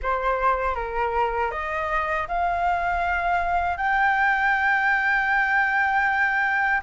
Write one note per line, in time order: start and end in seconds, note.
0.02 0.75 C5
0.75 1.51 A#4
1.51 2.27 D#5
2.28 3.77 F5
3.77 6.81 G5